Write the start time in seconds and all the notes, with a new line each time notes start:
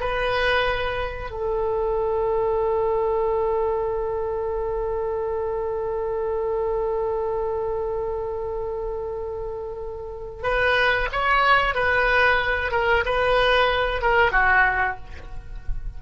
0.00 B4
1.30 A4
10.43 B4
11.12 C#5
11.74 B4
12.71 A#4
13.05 B4
14.02 A#4
14.32 F#4